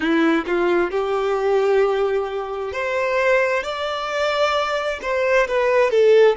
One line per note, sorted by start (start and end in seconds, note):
0.00 0.44 E4
0.46 0.90 F4
0.90 2.72 G4
2.72 3.63 C5
3.63 4.99 D5
5.02 5.47 C5
5.47 5.90 B4
5.90 6.36 A4